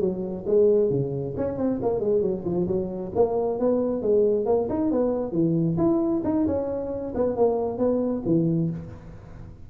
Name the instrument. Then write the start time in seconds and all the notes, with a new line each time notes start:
tuba
0.00 F#3
0.46 G#3
0.90 C#3
1.37 C#4
1.58 C4
1.82 A#3
2.00 G#3
2.22 F#3
2.45 F3
2.67 F#3
3.15 A#3
3.59 B3
4.02 G#3
4.46 A#3
4.69 D#4
4.92 B3
5.32 E3
5.78 E4
6.24 D#4
6.47 C#4
7.15 B3
7.36 A#3
7.78 B3
8.25 E3